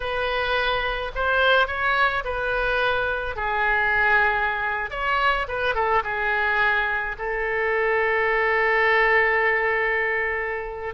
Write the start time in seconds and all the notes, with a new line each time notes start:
0.00 B4
1.15 C5
1.67 C#5
2.24 B4
3.36 G#4
4.90 C#5
5.47 B4
5.74 A4
6.03 G#4
7.18 A4